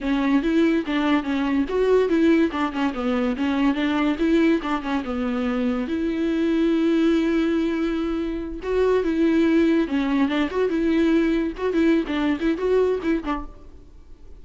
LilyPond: \new Staff \with { instrumentName = "viola" } { \time 4/4 \tempo 4 = 143 cis'4 e'4 d'4 cis'4 | fis'4 e'4 d'8 cis'8 b4 | cis'4 d'4 e'4 d'8 cis'8 | b2 e'2~ |
e'1~ | e'8 fis'4 e'2 cis'8~ | cis'8 d'8 fis'8 e'2 fis'8 | e'8. d'8. e'8 fis'4 e'8 d'8 | }